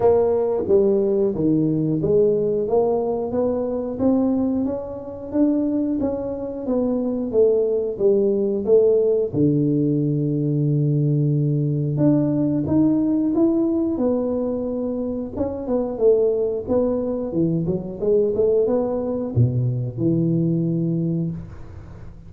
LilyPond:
\new Staff \with { instrumentName = "tuba" } { \time 4/4 \tempo 4 = 90 ais4 g4 dis4 gis4 | ais4 b4 c'4 cis'4 | d'4 cis'4 b4 a4 | g4 a4 d2~ |
d2 d'4 dis'4 | e'4 b2 cis'8 b8 | a4 b4 e8 fis8 gis8 a8 | b4 b,4 e2 | }